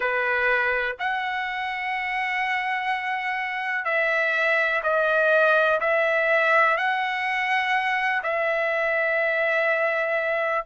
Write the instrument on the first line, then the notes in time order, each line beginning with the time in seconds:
trumpet
0.00 B4
0.99 F#5
3.84 E5
4.83 D#5
5.80 E5
6.77 F#5
8.23 E5